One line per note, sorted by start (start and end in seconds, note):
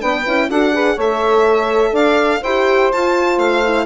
0.00 0.27 B3
0.00 0.24 D4
0.00 0.49 B4
0.00 0.50 G5
0.27 0.50 C#4
0.27 0.50 E4
0.50 0.98 D4
0.50 0.74 F#4
0.50 0.74 A4
0.50 0.99 F#5
0.74 0.98 G#4
0.74 0.95 B4
0.95 1.92 A3
0.95 2.45 A4
0.95 1.92 C#5
0.95 1.96 E5
1.92 2.41 D4
1.92 2.41 D5
1.92 2.44 F5
2.42 2.92 E4
2.42 2.93 G4
2.42 3.86 C5
2.42 2.92 G5
2.93 3.65 F4
2.93 3.38 F4
2.93 3.39 A5
3.38 3.86 A3
3.38 3.86 F5
3.65 3.86 E4